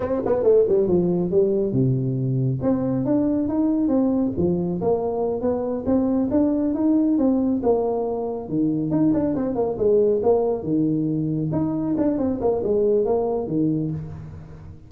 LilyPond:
\new Staff \with { instrumentName = "tuba" } { \time 4/4 \tempo 4 = 138 c'8 b8 a8 g8 f4 g4 | c2 c'4 d'4 | dis'4 c'4 f4 ais4~ | ais8 b4 c'4 d'4 dis'8~ |
dis'8 c'4 ais2 dis8~ | dis8 dis'8 d'8 c'8 ais8 gis4 ais8~ | ais8 dis2 dis'4 d'8 | c'8 ais8 gis4 ais4 dis4 | }